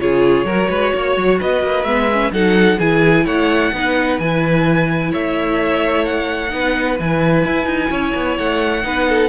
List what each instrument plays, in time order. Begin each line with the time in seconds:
0.00 cello C#3, viola F4, violin G#4 C#5
0.45 cello F#3, viola F#4, violin A#4
0.69 cello G#3, violin B4
0.95 cello A#3, violin C#5
1.17 cello F#3
1.39 cello B3, violin B4 D#5
1.63 cello A#3
1.84 cello G#3, viola B3, violin E5
2.13 viola C#4
2.32 cello F#3, viola D#4, violin A4 F#5
2.79 cello E3, viola E4, violin G#4 G#5
3.25 cello A3, violin C#5 F#5
3.73 cello B3, viola D#4, violin B4
4.19 cello E3, viola E4, violin G#5
5.12 cello A3, violin C#5 E5
6.05 violin F#5
6.50 cello B3, viola D#4, violin B4
7.00 cello E3, viola E4, violin G#5
7.46 cello E4
7.66 cello D#4
7.90 cello C#4, violin C#5
8.15 cello B3
8.38 cello A3, violin F#5
8.83 cello B3, viola D#4, violin B4
9.09 violin A4